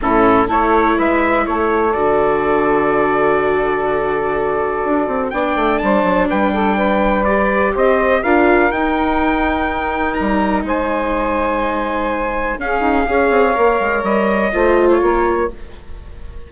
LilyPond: <<
  \new Staff \with { instrumentName = "trumpet" } { \time 4/4 \tempo 4 = 124 a'4 cis''4 e''4 cis''4 | d''1~ | d''2. g''4 | a''4 g''2 d''4 |
dis''4 f''4 g''2~ | g''4 ais''4 gis''2~ | gis''2 f''2~ | f''4 dis''4.~ dis''16 cis''4~ cis''16 | }
  \new Staff \with { instrumentName = "saxophone" } { \time 4/4 e'4 a'4 b'4 a'4~ | a'1~ | a'2. d''4 | c''4 b'8 a'8 b'2 |
c''4 ais'2.~ | ais'2 c''2~ | c''2 gis'4 cis''4~ | cis''2 c''4 ais'4 | }
  \new Staff \with { instrumentName = "viola" } { \time 4/4 cis'4 e'2. | fis'1~ | fis'2. d'4~ | d'2. g'4~ |
g'4 f'4 dis'2~ | dis'1~ | dis'2 cis'4 gis'4 | ais'2 f'2 | }
  \new Staff \with { instrumentName = "bassoon" } { \time 4/4 a,4 a4 gis4 a4 | d1~ | d2 d'8 c'8 b8 a8 | g8 fis8 g2. |
c'4 d'4 dis'2~ | dis'4 g4 gis2~ | gis2 cis'8 dis'8 cis'8 c'8 | ais8 gis8 g4 a4 ais4 | }
>>